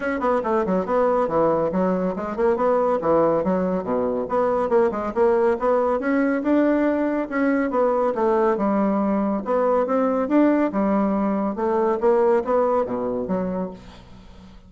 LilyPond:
\new Staff \with { instrumentName = "bassoon" } { \time 4/4 \tempo 4 = 140 cis'8 b8 a8 fis8 b4 e4 | fis4 gis8 ais8 b4 e4 | fis4 b,4 b4 ais8 gis8 | ais4 b4 cis'4 d'4~ |
d'4 cis'4 b4 a4 | g2 b4 c'4 | d'4 g2 a4 | ais4 b4 b,4 fis4 | }